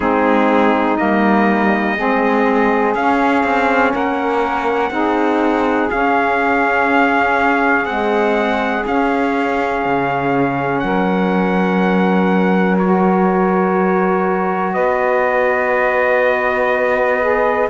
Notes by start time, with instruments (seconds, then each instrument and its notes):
0.00 cello G#3, saxophone C4 D#4, trumpet G#4
0.96 cello G3, saxophone A#3, trumpet D#5
1.96 cello G#3, saxophone C4 G#4
2.94 cello C#4, saxophone C#4, trumpet F5
3.43 cello C4
3.92 cello A#3, saxophone A#4, trumpet F#5
4.90 cello C4, saxophone D#4 G#4
5.90 saxophone C#4, cello C#4, trumpet F5
7.85 saxophone G#3, cello C4, trumpet F#5
8.86 saxophone C#4, cello C#4, trumpet F5
9.85 cello C#3
10.79 cello F#3, saxophone A#4, trumpet F#5
12.78 saxophone F#4, trumpet C#5
14.73 cello B3, saxophone B4, trumpet D#5
17.20 saxophone G#4